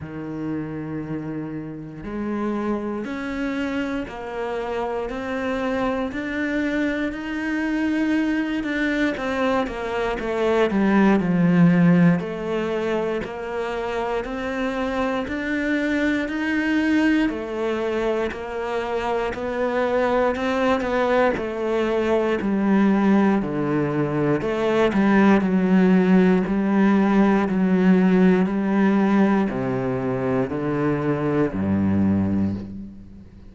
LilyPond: \new Staff \with { instrumentName = "cello" } { \time 4/4 \tempo 4 = 59 dis2 gis4 cis'4 | ais4 c'4 d'4 dis'4~ | dis'8 d'8 c'8 ais8 a8 g8 f4 | a4 ais4 c'4 d'4 |
dis'4 a4 ais4 b4 | c'8 b8 a4 g4 d4 | a8 g8 fis4 g4 fis4 | g4 c4 d4 g,4 | }